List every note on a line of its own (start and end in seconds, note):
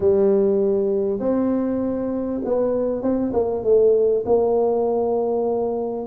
0.00 1.19 G3
1.19 2.40 C4
2.44 3.02 B3
3.02 3.32 C4
3.33 3.63 A#3
3.63 4.24 A3
4.26 6.06 A#3